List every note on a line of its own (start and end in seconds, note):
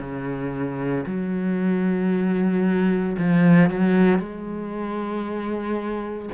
0.00 1.05 C#3
1.07 3.17 F#3
3.19 3.70 F3
3.70 4.19 F#3
4.19 6.30 G#3